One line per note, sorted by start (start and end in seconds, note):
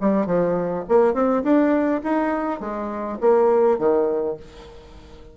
0.00 0.26 G3
0.26 0.84 F3
0.88 1.13 A#3
1.13 1.42 C4
1.43 2.01 D4
2.03 2.60 D#4
2.60 3.18 G#3
3.20 3.78 A#3
3.78 4.36 D#3